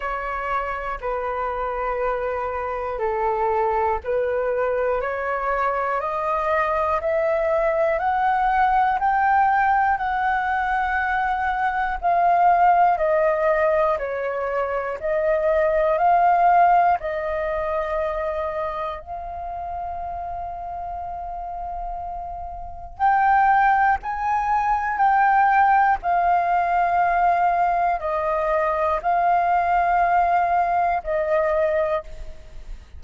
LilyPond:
\new Staff \with { instrumentName = "flute" } { \time 4/4 \tempo 4 = 60 cis''4 b'2 a'4 | b'4 cis''4 dis''4 e''4 | fis''4 g''4 fis''2 | f''4 dis''4 cis''4 dis''4 |
f''4 dis''2 f''4~ | f''2. g''4 | gis''4 g''4 f''2 | dis''4 f''2 dis''4 | }